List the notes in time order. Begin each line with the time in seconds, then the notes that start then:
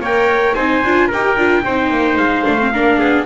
0.00 A#3 A#4 C#5 G5
0.55 C4 D#4 C5 G#5
0.84 D4 F4
1.08 A#4 G5
1.14 D#4 G4
1.37 D4 F4
1.65 C4 D#4 C5
1.90 A#3
2.17 G#3 F5
2.45 A3 D4
2.59 C4
2.74 A#3 D4 A#4
2.99 B3 G#4